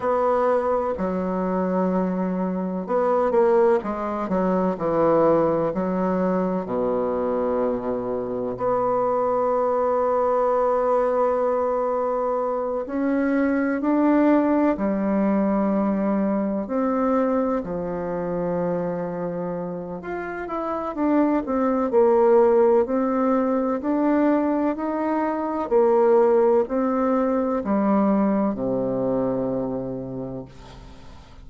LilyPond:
\new Staff \with { instrumentName = "bassoon" } { \time 4/4 \tempo 4 = 63 b4 fis2 b8 ais8 | gis8 fis8 e4 fis4 b,4~ | b,4 b2.~ | b4. cis'4 d'4 g8~ |
g4. c'4 f4.~ | f4 f'8 e'8 d'8 c'8 ais4 | c'4 d'4 dis'4 ais4 | c'4 g4 c2 | }